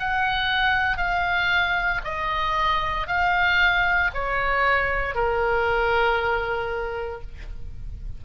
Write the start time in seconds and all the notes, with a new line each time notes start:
0.00 F#5
0.98 F5
2.05 D#5
3.08 F5
4.14 C#5
5.15 A#4